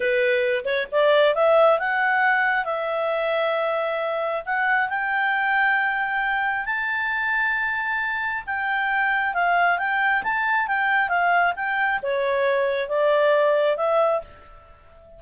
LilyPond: \new Staff \with { instrumentName = "clarinet" } { \time 4/4 \tempo 4 = 135 b'4. cis''8 d''4 e''4 | fis''2 e''2~ | e''2 fis''4 g''4~ | g''2. a''4~ |
a''2. g''4~ | g''4 f''4 g''4 a''4 | g''4 f''4 g''4 cis''4~ | cis''4 d''2 e''4 | }